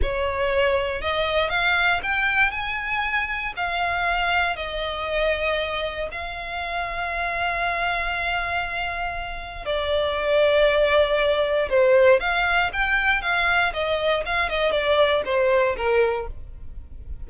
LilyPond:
\new Staff \with { instrumentName = "violin" } { \time 4/4 \tempo 4 = 118 cis''2 dis''4 f''4 | g''4 gis''2 f''4~ | f''4 dis''2. | f''1~ |
f''2. d''4~ | d''2. c''4 | f''4 g''4 f''4 dis''4 | f''8 dis''8 d''4 c''4 ais'4 | }